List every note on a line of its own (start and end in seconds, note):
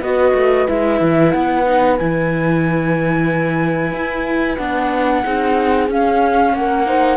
0.00 0.33 B3
0.00 0.67 F#4
0.00 5.22 B4
0.00 0.67 D#5
0.34 0.67 A3
0.67 1.01 G#3
0.67 1.65 E4
0.67 1.31 E5
1.01 1.33 E3
1.31 2.00 B3
1.31 1.96 F#5
1.66 1.98 D#4
1.97 3.92 E3
1.97 4.58 E4
1.97 4.57 G#5
3.92 4.58 E4
4.57 5.24 B3
4.57 5.23 D4
4.57 5.87 F#5
5.23 5.89 C4
5.23 5.89 D#4
5.23 6.54 G#4
5.89 6.53 C#4
5.89 6.86 C#4
5.89 6.55 F5
6.53 7.17 A#3
6.53 6.86 A#4
6.53 7.17 F#5
6.86 7.17 D#4
6.86 7.17 C5